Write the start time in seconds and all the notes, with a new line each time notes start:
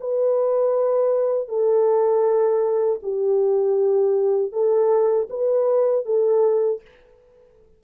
0.00 B4
1.48 A4
3.02 G4
4.52 A4
5.30 B4
6.05 A4